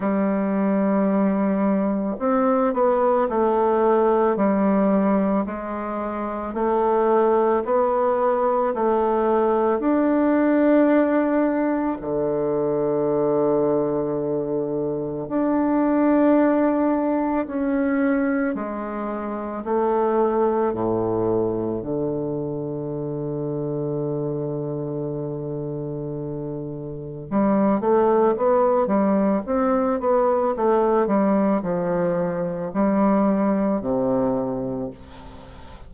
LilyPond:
\new Staff \with { instrumentName = "bassoon" } { \time 4/4 \tempo 4 = 55 g2 c'8 b8 a4 | g4 gis4 a4 b4 | a4 d'2 d4~ | d2 d'2 |
cis'4 gis4 a4 a,4 | d1~ | d4 g8 a8 b8 g8 c'8 b8 | a8 g8 f4 g4 c4 | }